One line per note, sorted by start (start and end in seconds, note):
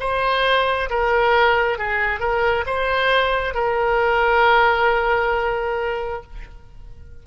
0.00 0.90 C5
0.90 1.78 A#4
1.78 2.20 G#4
2.20 2.65 A#4
2.66 3.54 C5
3.54 6.23 A#4